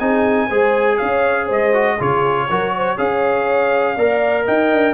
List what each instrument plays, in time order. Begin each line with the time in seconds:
0.00 tuba C4, trombone D#4, horn G#4, trumpet G#5
0.48 tuba G#3, trombone G#4, horn C5
0.98 tuba C#4, horn C#5, trumpet F5
1.46 tuba G#3, horn C5, trumpet D#5
1.74 trombone F#4
1.99 tuba C#3, trombone F4, horn G#4, trumpet C#5
2.50 tuba F#3, trombone F#4, horn A#4
2.77 horn C5
2.96 tuba C#4, trombone G#4, horn C#5, trumpet F5
3.96 tuba A#3, trombone A#4, horn D5
4.45 tuba D#4, horn D#5, trumpet G5
4.73 tuba D4